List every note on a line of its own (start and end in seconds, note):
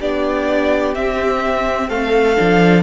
0.00 0.96 B3
0.00 0.95 D4
0.00 1.89 G4
0.00 0.95 D5
0.95 2.36 C4
0.95 1.90 C4
0.95 1.90 E5
1.89 2.37 A3
1.89 2.83 A4
1.89 2.83 F5
2.36 2.83 F3
2.36 2.83 D4